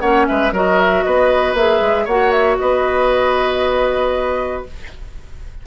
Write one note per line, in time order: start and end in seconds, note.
0.00 0.27 A#3
0.00 0.53 C#4
0.00 0.26 C#5
0.00 0.26 F#5
0.27 0.52 G#3
0.27 0.53 B4
0.27 0.52 E5
0.52 1.03 F#3
0.52 1.57 F#4
0.52 1.04 A#4
0.52 0.80 D#5
0.80 1.03 E5
1.03 1.54 B3
1.03 2.05 B4
1.03 1.55 D#5
1.54 1.79 A#3
1.54 2.09 G#4
1.54 2.07 E5
1.81 2.07 G#3
2.05 2.58 A#3
2.05 4.67 F#4
2.05 2.56 C#5
2.05 2.32 F#5
2.32 2.57 E5
2.58 4.67 B3
2.58 4.66 B4
2.58 4.63 D#5